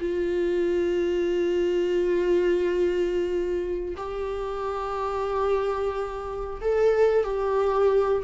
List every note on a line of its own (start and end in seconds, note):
0.00 3.96 F4
3.97 6.61 G4
6.61 7.24 A4
7.24 8.23 G4